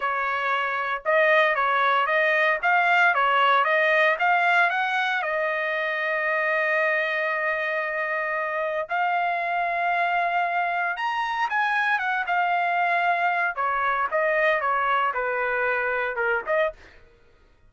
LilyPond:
\new Staff \with { instrumentName = "trumpet" } { \time 4/4 \tempo 4 = 115 cis''2 dis''4 cis''4 | dis''4 f''4 cis''4 dis''4 | f''4 fis''4 dis''2~ | dis''1~ |
dis''4 f''2.~ | f''4 ais''4 gis''4 fis''8 f''8~ | f''2 cis''4 dis''4 | cis''4 b'2 ais'8 dis''8 | }